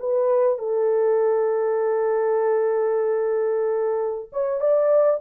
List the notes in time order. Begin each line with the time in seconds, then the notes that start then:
0.00 B4
0.59 A4
4.32 C#5
4.61 D5